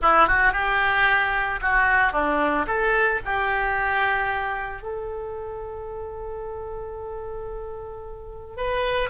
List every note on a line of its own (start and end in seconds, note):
0.02 0.27 E4
0.27 0.52 F#4
0.52 1.59 G4
1.61 2.12 F#4
2.12 2.66 D4
2.66 3.20 A4
3.25 4.82 G4
4.82 8.56 A4
8.56 9.09 B4